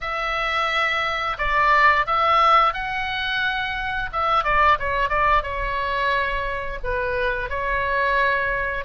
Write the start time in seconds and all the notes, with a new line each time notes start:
0.01 E5
1.38 D5
2.06 E5
2.73 F#5
4.12 E5
4.43 D5
4.79 C#5
5.09 D5
5.42 C#5
6.83 B4
7.49 C#5